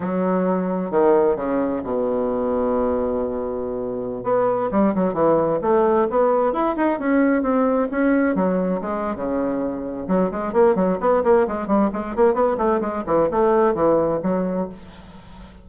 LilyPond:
\new Staff \with { instrumentName = "bassoon" } { \time 4/4 \tempo 4 = 131 fis2 dis4 cis4 | b,1~ | b,4~ b,16 b4 g8 fis8 e8.~ | e16 a4 b4 e'8 dis'8 cis'8.~ |
cis'16 c'4 cis'4 fis4 gis8. | cis2 fis8 gis8 ais8 fis8 | b8 ais8 gis8 g8 gis8 ais8 b8 a8 | gis8 e8 a4 e4 fis4 | }